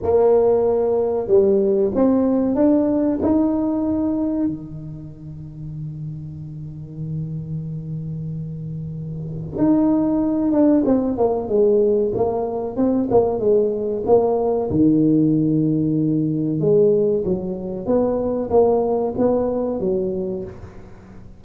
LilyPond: \new Staff \with { instrumentName = "tuba" } { \time 4/4 \tempo 4 = 94 ais2 g4 c'4 | d'4 dis'2 dis4~ | dis1~ | dis2. dis'4~ |
dis'8 d'8 c'8 ais8 gis4 ais4 | c'8 ais8 gis4 ais4 dis4~ | dis2 gis4 fis4 | b4 ais4 b4 fis4 | }